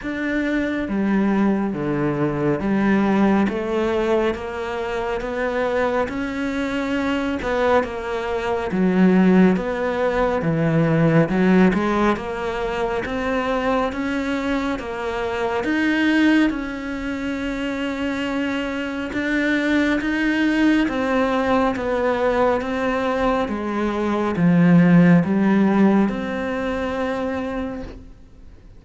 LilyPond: \new Staff \with { instrumentName = "cello" } { \time 4/4 \tempo 4 = 69 d'4 g4 d4 g4 | a4 ais4 b4 cis'4~ | cis'8 b8 ais4 fis4 b4 | e4 fis8 gis8 ais4 c'4 |
cis'4 ais4 dis'4 cis'4~ | cis'2 d'4 dis'4 | c'4 b4 c'4 gis4 | f4 g4 c'2 | }